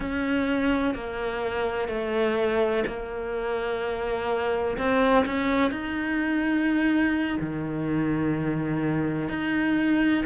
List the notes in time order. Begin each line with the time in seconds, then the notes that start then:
0.00 C#4
0.94 A#3
1.88 A3
2.86 A#3
4.77 C4
5.26 C#4
5.71 D#4
7.40 D#3
9.29 D#4